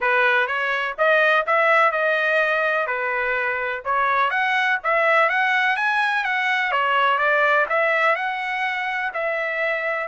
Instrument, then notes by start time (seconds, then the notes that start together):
trumpet
0.00 B4
0.47 C#5
0.98 D#5
1.46 E5
1.91 D#5
2.86 B4
3.84 C#5
4.30 F#5
4.83 E5
5.29 F#5
5.76 G#5
6.24 F#5
6.71 C#5
7.18 D5
7.69 E5
8.15 F#5
9.13 E5